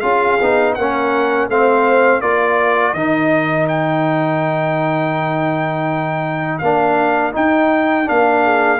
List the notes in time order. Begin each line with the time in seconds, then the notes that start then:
0.00 C#4 F4 G#4 F5
0.41 B3 D#4
0.74 A#3 C#4 A#4 F#5
1.48 A3 C4 C5 F5
2.21 A#3 F4 A#4 D5
2.93 D#3 D#4 D#5
3.68 G5
6.58 A#3 D4 F5
7.32 D#4 G5
8.05 A#3 D4 F5
8.43 G#4